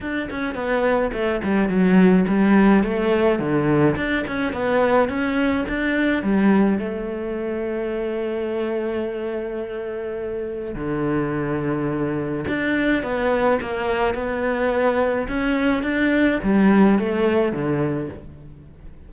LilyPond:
\new Staff \with { instrumentName = "cello" } { \time 4/4 \tempo 4 = 106 d'8 cis'8 b4 a8 g8 fis4 | g4 a4 d4 d'8 cis'8 | b4 cis'4 d'4 g4 | a1~ |
a2. d4~ | d2 d'4 b4 | ais4 b2 cis'4 | d'4 g4 a4 d4 | }